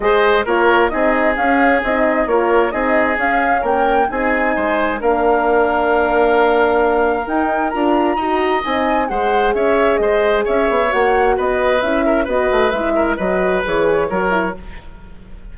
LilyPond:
<<
  \new Staff \with { instrumentName = "flute" } { \time 4/4 \tempo 4 = 132 dis''4 cis''4 dis''4 f''4 | dis''4 cis''4 dis''4 f''4 | g''4 gis''2 f''4~ | f''1 |
g''4 ais''2 gis''4 | fis''4 e''4 dis''4 e''4 | fis''4 dis''4 e''4 dis''4 | e''4 dis''4 cis''2 | }
  \new Staff \with { instrumentName = "oboe" } { \time 4/4 c''4 ais'4 gis'2~ | gis'4 ais'4 gis'2 | ais'4 gis'4 c''4 ais'4~ | ais'1~ |
ais'2 dis''2 | c''4 cis''4 c''4 cis''4~ | cis''4 b'4. ais'8 b'4~ | b'8 ais'8 b'2 ais'4 | }
  \new Staff \with { instrumentName = "horn" } { \time 4/4 gis'4 f'4 dis'4 cis'4 | dis'4 f'4 dis'4 cis'4~ | cis'4 dis'2 d'4~ | d'1 |
dis'4 f'4 fis'4 dis'4 | gis'1 | fis'2 e'4 fis'4 | e'4 fis'4 gis'4 fis'8 e'8 | }
  \new Staff \with { instrumentName = "bassoon" } { \time 4/4 gis4 ais4 c'4 cis'4 | c'4 ais4 c'4 cis'4 | ais4 c'4 gis4 ais4~ | ais1 |
dis'4 d'4 dis'4 c'4 | gis4 cis'4 gis4 cis'8 b8 | ais4 b4 cis'4 b8 a8 | gis4 fis4 e4 fis4 | }
>>